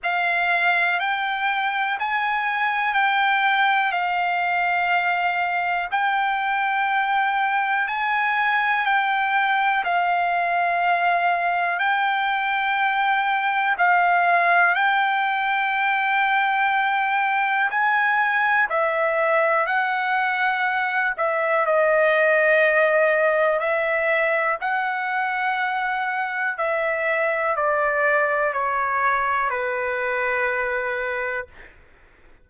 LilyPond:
\new Staff \with { instrumentName = "trumpet" } { \time 4/4 \tempo 4 = 61 f''4 g''4 gis''4 g''4 | f''2 g''2 | gis''4 g''4 f''2 | g''2 f''4 g''4~ |
g''2 gis''4 e''4 | fis''4. e''8 dis''2 | e''4 fis''2 e''4 | d''4 cis''4 b'2 | }